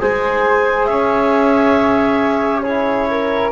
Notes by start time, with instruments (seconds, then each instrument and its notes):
0.00 double bass G#3, trombone G#4, flute C5, clarinet G#5
0.85 double bass C#4, flute C#5, clarinet E5
2.62 trombone E4, flute G#4, clarinet C#5
3.10 flute A#4